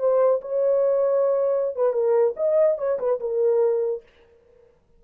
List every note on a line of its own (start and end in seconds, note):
0.00 0.41 C5
0.42 1.76 C#5
1.76 1.94 B4
1.94 2.35 A#4
2.37 2.78 D#5
2.79 2.99 C#5
3.00 3.20 B4
3.20 4.03 A#4